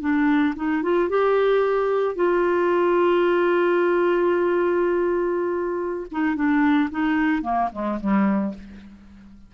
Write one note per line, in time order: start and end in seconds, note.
0.00 0.54 D4
0.56 0.83 D#4
0.83 1.09 F4
1.09 2.15 G4
2.15 6.07 F4
6.11 6.35 D#4
6.35 6.89 D4
6.90 7.42 D#4
7.42 7.69 A#3
7.72 7.99 G#3
8.00 8.54 G3